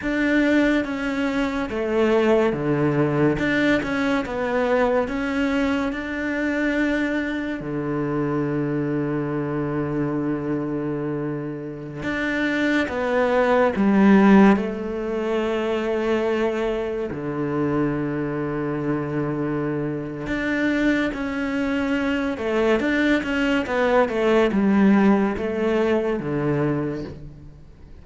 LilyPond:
\new Staff \with { instrumentName = "cello" } { \time 4/4 \tempo 4 = 71 d'4 cis'4 a4 d4 | d'8 cis'8 b4 cis'4 d'4~ | d'4 d2.~ | d2~ d16 d'4 b8.~ |
b16 g4 a2~ a8.~ | a16 d2.~ d8. | d'4 cis'4. a8 d'8 cis'8 | b8 a8 g4 a4 d4 | }